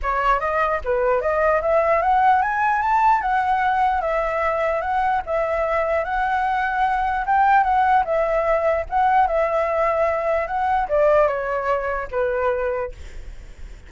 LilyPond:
\new Staff \with { instrumentName = "flute" } { \time 4/4 \tempo 4 = 149 cis''4 dis''4 b'4 dis''4 | e''4 fis''4 gis''4 a''4 | fis''2 e''2 | fis''4 e''2 fis''4~ |
fis''2 g''4 fis''4 | e''2 fis''4 e''4~ | e''2 fis''4 d''4 | cis''2 b'2 | }